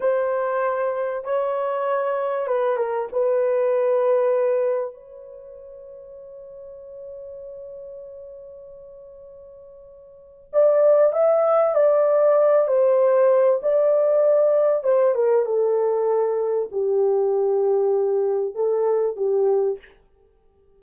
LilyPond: \new Staff \with { instrumentName = "horn" } { \time 4/4 \tempo 4 = 97 c''2 cis''2 | b'8 ais'8 b'2. | cis''1~ | cis''1~ |
cis''4 d''4 e''4 d''4~ | d''8 c''4. d''2 | c''8 ais'8 a'2 g'4~ | g'2 a'4 g'4 | }